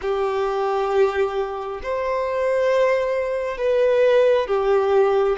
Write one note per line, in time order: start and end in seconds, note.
0.01 1.80 G4
1.82 3.57 C5
3.57 4.47 B4
4.47 5.36 G4